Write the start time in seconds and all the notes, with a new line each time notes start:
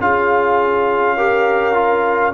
0.00 C#4 F4 G#4 F5
1.16 G4 A#4
1.74 F4